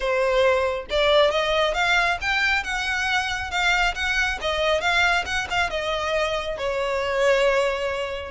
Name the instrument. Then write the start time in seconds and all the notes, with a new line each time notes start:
violin
0.00 C5
0.90 D5
1.30 D#5
1.74 F5
2.21 G5
2.63 F#5
3.50 F5
3.95 F#5
4.41 D#5
4.80 F5
5.25 F#5
5.49 F5
5.70 D#5
6.57 C#5